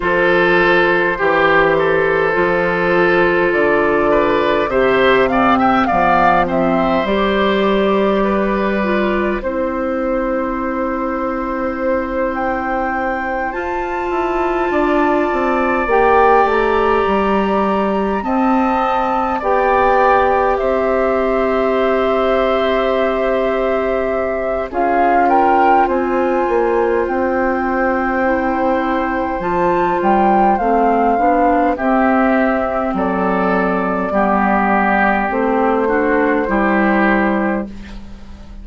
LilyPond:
<<
  \new Staff \with { instrumentName = "flute" } { \time 4/4 \tempo 4 = 51 c''2. d''4 | e''8 f''16 g''16 f''8 e''8 d''2 | c''2~ c''8 g''4 a''8~ | a''4. g''8 ais''4. a''8~ |
a''8 g''4 e''2~ e''8~ | e''4 f''8 g''8 gis''4 g''4~ | g''4 a''8 g''8 f''4 e''4 | d''2 c''2 | }
  \new Staff \with { instrumentName = "oboe" } { \time 4/4 a'4 g'8 a'2 b'8 | c''8 d''16 e''16 d''8 c''4. b'4 | c''1~ | c''8 d''2. dis''8~ |
dis''8 d''4 c''2~ c''8~ | c''4 gis'8 ais'8 c''2~ | c''2. g'4 | a'4 g'4. fis'8 g'4 | }
  \new Staff \with { instrumentName = "clarinet" } { \time 4/4 f'4 g'4 f'2 | g'8 c'8 b8 c'8 g'4. f'8 | e'2.~ e'8 f'8~ | f'4. g'2 c'8~ |
c'8 g'2.~ g'8~ | g'4 f'2. | e'4 f'4 c'8 d'8 c'4~ | c'4 b4 c'8 d'8 e'4 | }
  \new Staff \with { instrumentName = "bassoon" } { \time 4/4 f4 e4 f4 d4 | c4 f4 g2 | c'2.~ c'8 f'8 | e'8 d'8 c'8 ais8 a8 g4 c'8~ |
c'8 b4 c'2~ c'8~ | c'4 cis'4 c'8 ais8 c'4~ | c'4 f8 g8 a8 b8 c'4 | fis4 g4 a4 g4 | }
>>